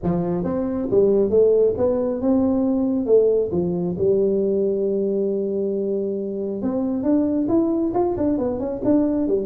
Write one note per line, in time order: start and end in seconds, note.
0.03 0.44 F3
0.44 0.88 C4
0.90 1.29 G3
1.29 1.73 A3
1.77 2.21 B3
2.21 3.06 C4
3.06 3.50 A3
3.51 3.95 F3
3.97 6.62 G3
6.62 7.03 C4
7.03 7.47 D4
7.48 7.92 E4
7.94 8.16 F4
8.17 8.38 D4
8.38 8.59 B3
8.59 8.81 C#4
8.84 9.27 D4
9.27 9.45 G3